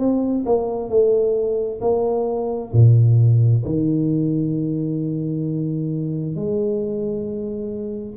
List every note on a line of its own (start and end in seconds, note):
0.00 0.45 C4
0.46 0.90 A#3
0.90 1.81 A3
1.81 2.72 A#3
2.73 3.64 A#2
3.66 6.36 D#3
6.36 8.17 G#3